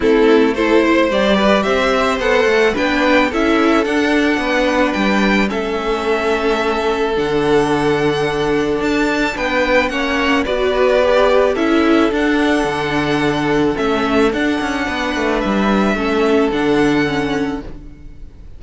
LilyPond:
<<
  \new Staff \with { instrumentName = "violin" } { \time 4/4 \tempo 4 = 109 a'4 c''4 d''4 e''4 | fis''4 g''4 e''4 fis''4~ | fis''4 g''4 e''2~ | e''4 fis''2. |
a''4 g''4 fis''4 d''4~ | d''4 e''4 fis''2~ | fis''4 e''4 fis''2 | e''2 fis''2 | }
  \new Staff \with { instrumentName = "violin" } { \time 4/4 e'4 a'8 c''4 b'8 c''4~ | c''4 b'4 a'2 | b'2 a'2~ | a'1~ |
a'4 b'4 cis''4 b'4~ | b'4 a'2.~ | a'2. b'4~ | b'4 a'2. | }
  \new Staff \with { instrumentName = "viola" } { \time 4/4 c'4 e'4 g'2 | a'4 d'4 e'4 d'4~ | d'2 cis'2~ | cis'4 d'2.~ |
d'2 cis'4 fis'4 | g'4 e'4 d'2~ | d'4 cis'4 d'2~ | d'4 cis'4 d'4 cis'4 | }
  \new Staff \with { instrumentName = "cello" } { \time 4/4 a2 g4 c'4 | b8 a8 b4 cis'4 d'4 | b4 g4 a2~ | a4 d2. |
d'4 b4 ais4 b4~ | b4 cis'4 d'4 d4~ | d4 a4 d'8 cis'8 b8 a8 | g4 a4 d2 | }
>>